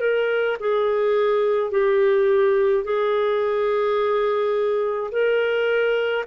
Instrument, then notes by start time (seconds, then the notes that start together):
clarinet
0.00 A#4
0.60 G#4
1.71 G4
2.84 G#4
5.11 A#4